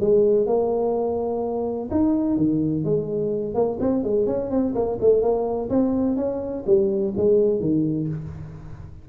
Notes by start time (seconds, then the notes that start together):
0.00 G#3
0.46 A#3
1.90 D#4
2.36 D#3
2.84 G#3
3.54 A#3
3.80 C4
4.03 G#3
4.26 C#4
4.50 C4
4.74 A#3
5.00 A3
5.21 A#3
5.69 C4
6.16 C#4
6.66 G3
7.16 G#3
7.60 D#3